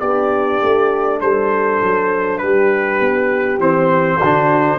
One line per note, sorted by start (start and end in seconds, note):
0.00 0.61 B3
0.00 3.60 D4
0.00 1.21 G4
0.00 1.20 D5
0.62 1.22 A3
1.21 1.82 G3
1.21 2.43 A4
1.21 2.39 C5
1.82 2.42 F#3
2.39 3.00 G3
2.39 4.19 G4
2.39 3.58 B4
3.00 3.59 B3
3.59 4.19 E3
3.59 4.20 C4
3.59 4.79 C5
4.19 4.79 D3
4.19 4.79 D4
4.19 4.79 F#4